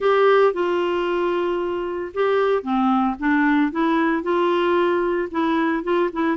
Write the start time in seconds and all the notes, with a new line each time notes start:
0.00 G4
0.53 F4
2.14 G4
2.62 C4
3.19 D4
3.71 E4
4.22 F4
5.31 E4
5.83 F4
6.12 E4